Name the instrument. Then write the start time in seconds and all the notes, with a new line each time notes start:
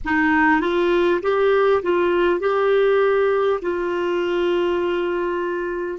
clarinet
0.04 D#4
0.60 F4
1.22 G4
1.83 F4
2.40 G4
3.61 F4